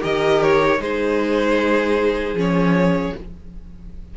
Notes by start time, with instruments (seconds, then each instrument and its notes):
0.00 cello D#3, viola G4, violin A#4 D#5
0.43 violin C#5
0.79 cello G#3, viola D#4, violin G#4 C5
2.34 cello F3, viola C#4, violin C#5